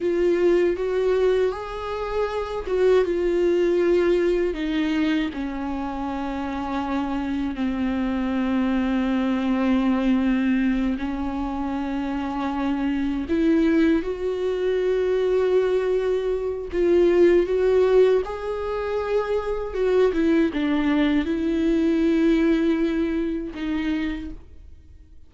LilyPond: \new Staff \with { instrumentName = "viola" } { \time 4/4 \tempo 4 = 79 f'4 fis'4 gis'4. fis'8 | f'2 dis'4 cis'4~ | cis'2 c'2~ | c'2~ c'8 cis'4.~ |
cis'4. e'4 fis'4.~ | fis'2 f'4 fis'4 | gis'2 fis'8 e'8 d'4 | e'2. dis'4 | }